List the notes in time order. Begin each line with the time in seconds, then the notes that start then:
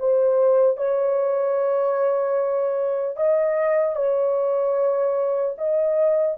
0.00 C5
0.77 C#5
3.17 D#5
3.96 C#5
5.58 D#5